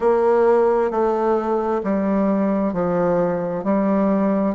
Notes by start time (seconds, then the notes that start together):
0.00 A#3
0.90 A3
1.83 G3
2.73 F3
3.64 G3